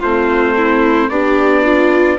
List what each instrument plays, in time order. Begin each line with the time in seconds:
0.00 bassoon A3, viola C4, violin F4, trumpet C5
0.57 violin E4
1.09 bassoon B3, violin D4, viola G4, trumpet D5
1.64 viola F4